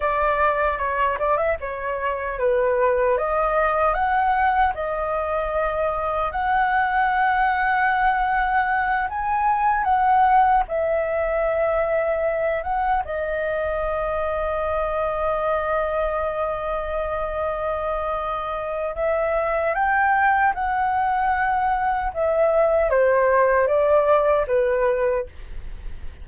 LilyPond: \new Staff \with { instrumentName = "flute" } { \time 4/4 \tempo 4 = 76 d''4 cis''8 d''16 e''16 cis''4 b'4 | dis''4 fis''4 dis''2 | fis''2.~ fis''8 gis''8~ | gis''8 fis''4 e''2~ e''8 |
fis''8 dis''2.~ dis''8~ | dis''1 | e''4 g''4 fis''2 | e''4 c''4 d''4 b'4 | }